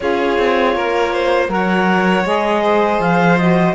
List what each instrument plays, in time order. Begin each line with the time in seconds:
0.00 cello C#4, saxophone F4, violin G#4, clarinet C#5
0.38 cello C4
0.75 cello A#3, violin A#4
1.12 violin C5
1.48 cello F#3, saxophone A#4, violin C#5, clarinet F#5
2.24 cello G#3, saxophone G#4, clarinet D#5
2.62 violin C5
2.99 cello F3, clarinet F5
3.38 saxophone F#4, clarinet D#5